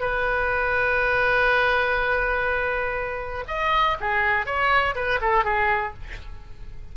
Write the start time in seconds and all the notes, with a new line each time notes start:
0.00 B4
3.47 D#5
4.00 G#4
4.46 C#5
4.95 B4
5.21 A4
5.44 G#4